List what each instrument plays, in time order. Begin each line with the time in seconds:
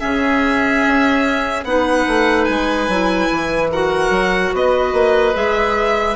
0.00 bassoon C#3, clarinet C#4, oboe G#4, violin E5
0.87 bassoon C#4
1.64 bassoon B3, clarinet D#4, oboe B4, violin F#5
2.08 bassoon A3
2.45 bassoon G#3, violin G#5
2.88 bassoon F#3, clarinet E4
3.32 bassoon E3
3.71 clarinet F#4, oboe A#4, violin F#5
4.10 bassoon F#3
4.53 bassoon B3, oboe B4, violin D#5
4.93 bassoon A#3
5.34 bassoon G#3, clarinet G#4, violin E5